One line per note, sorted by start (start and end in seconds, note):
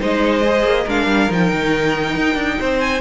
0.00 0.64 G#3
0.00 0.44 D#4
0.00 0.84 C5
0.00 0.90 D#5
0.45 0.88 G#4
0.64 0.86 A#3
0.84 1.07 G#3
0.84 1.31 D4
0.84 2.55 A#4
0.84 1.33 F5
1.07 1.28 G3
1.31 1.52 F3
1.31 3.01 D#4
1.31 2.81 G5
1.53 2.16 D#3
2.16 2.36 D#4
2.36 2.57 D4
2.60 3.01 C4
2.60 3.01 C5
2.81 3.01 G#5